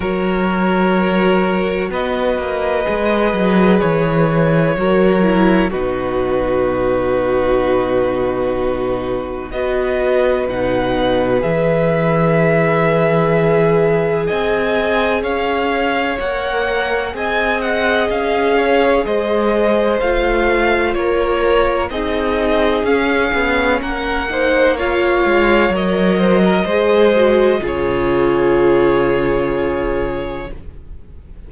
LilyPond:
<<
  \new Staff \with { instrumentName = "violin" } { \time 4/4 \tempo 4 = 63 cis''2 dis''2 | cis''2 b'2~ | b'2 dis''4 fis''4 | e''2. gis''4 |
f''4 fis''4 gis''8 fis''8 f''4 | dis''4 f''4 cis''4 dis''4 | f''4 fis''4 f''4 dis''4~ | dis''4 cis''2. | }
  \new Staff \with { instrumentName = "violin" } { \time 4/4 ais'2 b'2~ | b'4 ais'4 fis'2~ | fis'2 b'2~ | b'2. dis''4 |
cis''2 dis''4. cis''8 | c''2 ais'4 gis'4~ | gis'4 ais'8 c''8 cis''4. c''16 ais'16 | c''4 gis'2. | }
  \new Staff \with { instrumentName = "viola" } { \time 4/4 fis'2. gis'4~ | gis'4 fis'8 e'8 dis'2~ | dis'2 fis'4 dis'4 | gis'1~ |
gis'4 ais'4 gis'2~ | gis'4 f'2 dis'4 | cis'4. dis'8 f'4 ais'4 | gis'8 fis'8 f'2. | }
  \new Staff \with { instrumentName = "cello" } { \time 4/4 fis2 b8 ais8 gis8 fis8 | e4 fis4 b,2~ | b,2 b4 b,4 | e2. c'4 |
cis'4 ais4 c'4 cis'4 | gis4 a4 ais4 c'4 | cis'8 b8 ais4. gis8 fis4 | gis4 cis2. | }
>>